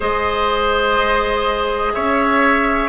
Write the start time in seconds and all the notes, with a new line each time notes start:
0.00 G#3 G#4 C5 D#5
1.94 C#4 C#5 E5